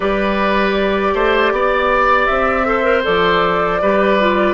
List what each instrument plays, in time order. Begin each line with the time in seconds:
0.00 bassoon G3, clarinet G4, oboe B4, flute D5
1.14 bassoon A3, oboe C5
1.52 bassoon B3, oboe D5
2.26 bassoon C4, flute E5
2.65 clarinet A4, oboe C5
2.83 clarinet A#4
3.03 bassoon F3, clarinet A4, flute D5
3.81 bassoon G3, clarinet G4, oboe B4
4.19 clarinet F4